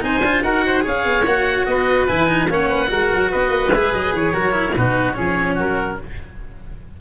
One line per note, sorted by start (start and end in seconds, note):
0.00 0.21 C4
0.00 0.21 D#4
0.00 0.44 C5
0.00 0.43 G#5
0.21 0.41 D4
0.21 0.44 F4
0.43 0.85 D#4
0.43 0.81 F#4
0.43 0.65 A#4
0.43 0.84 F#5
0.66 0.84 C5
0.81 1.05 C#4
0.81 1.22 G#4
0.81 1.66 C#5
0.87 1.26 F5
1.05 1.25 B3
1.25 1.66 A#3
1.25 2.08 F#4
1.25 1.66 F#5
1.66 2.08 B3
1.66 2.51 B4
1.66 2.07 D#5
2.08 2.49 E3
2.08 2.27 E4
2.08 2.49 G#5
2.27 2.48 D#4
2.49 2.90 A#3
2.49 2.87 C#4
2.49 2.69 C#5
2.49 3.32 F#5
2.69 2.90 B4
2.87 3.11 G#3
2.87 3.69 F#4
2.87 3.31 A#4
3.12 3.33 F#3
3.31 3.49 B3
3.31 4.33 B4
3.31 3.73 D#5
3.49 3.70 A#3
3.71 3.92 G#3
3.71 4.33 G#4
3.71 3.93 E5
3.92 4.13 F#3
3.92 4.14 D#5
4.13 4.34 E3
4.13 4.75 C#5
4.33 4.75 F#3
4.33 4.51 F#4
4.33 4.74 A#4
4.51 4.72 E4
4.75 5.17 B2
4.75 5.14 D#4
4.75 5.16 F#4
4.75 5.13 B4
5.13 5.58 F3
5.13 5.97 C#4
5.13 5.55 G#4
5.13 5.54 C#5
5.55 6.00 F#3
5.55 5.96 F#4
5.55 6.01 A#4